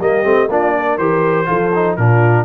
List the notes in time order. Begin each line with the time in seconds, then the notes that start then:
0.00 G3 A#3 G4 D#5
0.23 A3 C4
0.48 A#3 D4 F4 D5
0.77 A#4
0.97 E3 G4 C5
1.46 F3 F4 A4
1.74 D#4
1.96 A#2 D4 F4 A#4